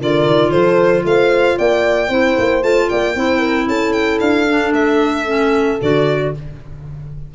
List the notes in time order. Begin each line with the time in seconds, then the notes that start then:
0.00 D3 F4 A#4 D5
0.26 D#3
0.50 F3 A4 C5
1.04 A3 C5 F5
1.57 A#3 D5 G5
2.08 C4 E4 C5
2.38 A#3
2.62 A3 F4 A5
2.89 A#3 D5 G5
3.15 C4 E4 C5
3.39 A#4
3.67 C#4 A4 A5
3.92 G5
4.20 D4 F5
4.48 D4
4.72 A3 E5
5.26 C#4
5.81 D3 F#4 D5